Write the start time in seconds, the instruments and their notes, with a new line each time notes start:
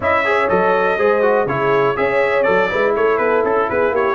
0.00 tuba C#4, trombone E4, horn D#5, trumpet E5
0.24 trombone G#4, horn C#5
0.49 tuba F#3, trombone A4, trumpet D#5
0.97 tuba G#3, trombone G#4, horn C5
1.22 trombone F#4
1.45 tuba C#3, trombone E4, horn G#4, trumpet C#5
1.96 tuba C#4, trombone G#4, horn C#5, trumpet E5
2.43 tuba F#3, trombone A4, trumpet D5
2.69 tuba G#3, trombone E4, horn B4
2.95 tuba A3, horn A4, trumpet C#5
3.17 tuba B3, trumpet B4
3.43 tuba C#4, trumpet A4
3.69 tuba B3, horn G#4, trumpet B4
3.90 tuba A#3, horn G4, trumpet C#5